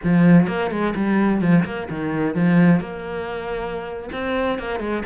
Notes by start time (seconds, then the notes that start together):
0.03 F3
0.47 A#3
0.70 G#3
0.95 G3
1.41 F3
1.64 A#3
1.89 D#3
2.35 F3
2.80 A#3
4.12 C4
4.59 A#3
4.79 G#3